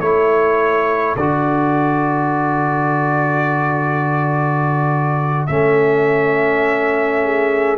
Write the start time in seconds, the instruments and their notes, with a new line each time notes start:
0.00 tuba A3, trombone E4, horn A4, trumpet C#5
1.16 tuba D3, trombone F#4, trumpet D5
5.46 tuba A3, trombone C#4, trumpet E5
7.22 horn G#4